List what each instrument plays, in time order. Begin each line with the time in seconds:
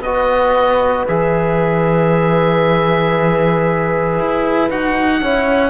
0.00 cello B3, trombone F#4, horn B4, oboe D#5
1.08 cello E3, trombone G#4, oboe E5
4.20 cello E4
4.70 cello D#4, trombone F#4, oboe F#5
5.21 cello C#4, trombone E4, horn C#5